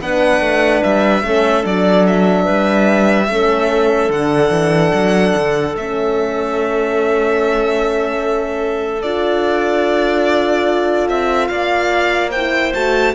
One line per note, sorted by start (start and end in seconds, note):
0.00 0.41 B3
0.00 1.24 D4
0.00 1.24 B4
0.00 0.83 F#5
0.41 0.82 A3
0.83 1.23 G3
0.83 1.65 E5
1.23 1.64 A3
1.23 1.62 C#4
1.23 2.44 A4
1.62 2.47 F#3
1.62 3.27 D4
1.62 2.07 D5
2.07 4.11 E5
2.44 3.28 G3
2.44 3.26 B4
3.28 4.09 A3
3.28 4.11 C#4
3.28 11.51 A4
4.09 4.50 D3
4.09 5.76 D4
4.09 5.76 F#5
4.51 4.92 E3
4.94 5.35 F#3
5.36 5.75 D3
5.75 9.03 A3
5.75 9.04 C#4
5.75 9.02 E5
9.02 11.08 D4
9.02 12.33 F4
9.02 11.08 D5
11.08 11.49 C4
11.08 11.48 E5
11.48 12.73 A#3
11.48 12.30 D5
11.48 12.30 F5
12.30 12.74 E4
12.30 13.12 C5
12.30 12.73 G5
12.74 13.15 A3
12.74 13.15 F#4
12.74 13.15 A5